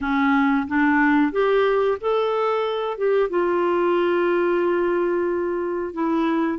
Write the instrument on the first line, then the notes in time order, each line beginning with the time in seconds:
clarinet
0.00 C#4
0.67 D4
1.32 G4
2.00 A4
2.97 G4
3.29 F4
5.93 E4